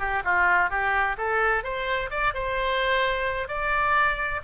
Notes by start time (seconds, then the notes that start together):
0.00 G4
0.25 F4
0.70 G4
1.18 A4
1.64 C5
2.11 D5
2.34 C5
3.48 D5